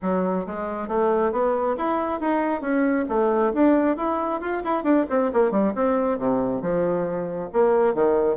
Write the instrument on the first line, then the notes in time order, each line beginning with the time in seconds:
bassoon
0.02 F#3
0.46 G#3
0.88 A3
1.32 B3
1.77 E4
2.20 D#4
2.61 C#4
3.08 A3
3.53 D4
3.96 E4
4.41 F4
4.63 E4
4.83 D4
5.09 C4
5.33 A#3
5.51 G3
5.75 C4
6.18 C3
6.61 F3
7.52 A#3
7.94 D#3